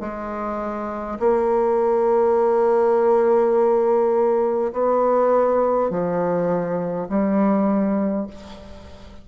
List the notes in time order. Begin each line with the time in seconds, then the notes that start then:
0.00 G#3
1.19 A#3
4.72 B3
5.90 F3
7.09 G3